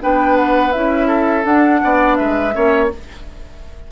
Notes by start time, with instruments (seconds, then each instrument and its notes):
0.00 bassoon B3, clarinet D4, oboe B4, flute G5
0.36 flute F#5
0.72 bassoon C#4, clarinet E4, flute E5
1.07 oboe A4
1.43 clarinet D4, bassoon D4, flute F#5
1.83 bassoon B3, oboe D5
2.15 bassoon G#3, oboe B4, flute E5
2.53 bassoon A#3, clarinet C#4, oboe C#5